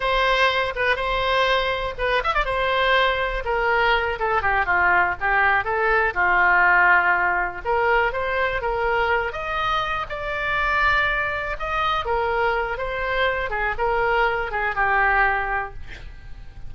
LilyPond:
\new Staff \with { instrumentName = "oboe" } { \time 4/4 \tempo 4 = 122 c''4. b'8 c''2 | b'8 e''16 d''16 c''2 ais'4~ | ais'8 a'8 g'8 f'4 g'4 a'8~ | a'8 f'2. ais'8~ |
ais'8 c''4 ais'4. dis''4~ | dis''8 d''2. dis''8~ | dis''8 ais'4. c''4. gis'8 | ais'4. gis'8 g'2 | }